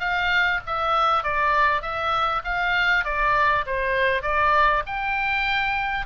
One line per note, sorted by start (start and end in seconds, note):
0.00 0.61 F5
0.67 1.24 E5
1.24 1.82 D5
1.82 2.43 E5
2.44 3.05 F5
3.05 3.65 D5
3.66 4.23 C5
4.23 4.83 D5
4.87 6.06 G5